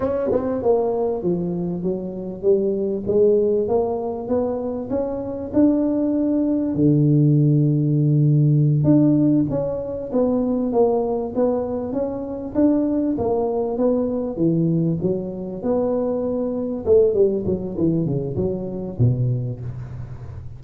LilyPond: \new Staff \with { instrumentName = "tuba" } { \time 4/4 \tempo 4 = 98 cis'8 c'8 ais4 f4 fis4 | g4 gis4 ais4 b4 | cis'4 d'2 d4~ | d2~ d8 d'4 cis'8~ |
cis'8 b4 ais4 b4 cis'8~ | cis'8 d'4 ais4 b4 e8~ | e8 fis4 b2 a8 | g8 fis8 e8 cis8 fis4 b,4 | }